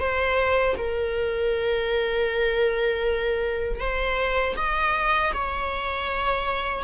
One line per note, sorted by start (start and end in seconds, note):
0.00 0.76 C5
0.78 3.80 A#4
3.80 4.56 C5
4.57 5.33 D#5
5.34 6.84 C#5